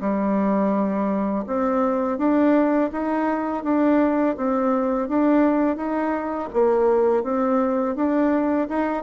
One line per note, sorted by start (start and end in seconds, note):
0.00 1.45 G3
1.47 2.18 C4
2.18 2.90 D4
2.91 3.63 D#4
3.63 4.36 D4
4.36 5.08 C4
5.08 5.76 D4
5.76 6.49 D#4
6.53 7.23 A#3
7.23 7.95 C4
7.95 8.67 D4
8.68 9.03 D#4